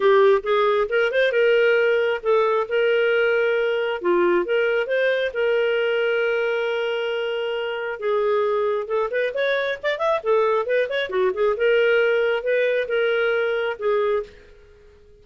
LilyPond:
\new Staff \with { instrumentName = "clarinet" } { \time 4/4 \tempo 4 = 135 g'4 gis'4 ais'8 c''8 ais'4~ | ais'4 a'4 ais'2~ | ais'4 f'4 ais'4 c''4 | ais'1~ |
ais'2 gis'2 | a'8 b'8 cis''4 d''8 e''8 a'4 | b'8 cis''8 fis'8 gis'8 ais'2 | b'4 ais'2 gis'4 | }